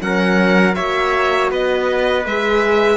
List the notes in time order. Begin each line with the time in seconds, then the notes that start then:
0.00 F#3 C#4 A#4 F#5
0.75 A#3 F#4 C#5 E5
1.51 B3 B4 D#5
2.26 G#3 G#4 E5